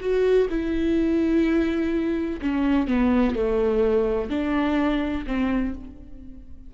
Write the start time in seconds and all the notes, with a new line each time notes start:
0.00 F#4
0.50 E4
2.41 C#4
2.87 B3
3.35 A3
4.29 D4
5.26 C4